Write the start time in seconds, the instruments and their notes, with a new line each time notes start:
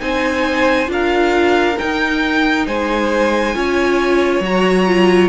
0.00 cello C4, viola D#4, violin C5 G#5
0.87 cello D4, viola F4, violin A#4 F5
1.79 viola D#4, cello D#4, violin G5
2.67 cello G#3, violin C5 G#5
3.55 cello C#4, viola F4, violin C#5
4.41 cello F#3, viola F#4, violin A#5
4.87 viola F4